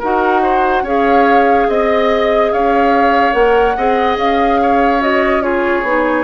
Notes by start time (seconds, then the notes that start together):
0.00 D#4 F#4 A#4 F#5
0.43 C5
0.83 C#4 G#4 C#5 F5
1.69 C4 D#5
2.53 C#4 C#5 F5
3.33 A#3 A#4 F#5
3.77 C4 G#4 D#5
4.17 C#4 F5
4.62 C#5
5.01 F#4 D#5
5.42 F4 G#4 C#5
5.83 B3 D#4